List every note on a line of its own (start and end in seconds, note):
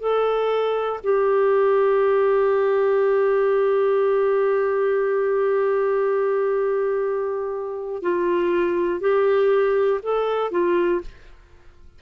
0.00 1.00 A4
1.04 8.02 G4
8.02 9.00 F4
9.00 10.00 G4
10.02 10.51 A4
10.51 11.01 F4